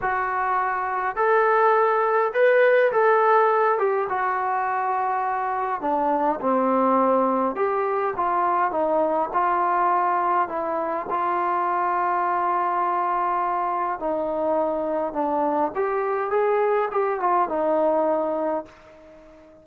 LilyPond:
\new Staff \with { instrumentName = "trombone" } { \time 4/4 \tempo 4 = 103 fis'2 a'2 | b'4 a'4. g'8 fis'4~ | fis'2 d'4 c'4~ | c'4 g'4 f'4 dis'4 |
f'2 e'4 f'4~ | f'1 | dis'2 d'4 g'4 | gis'4 g'8 f'8 dis'2 | }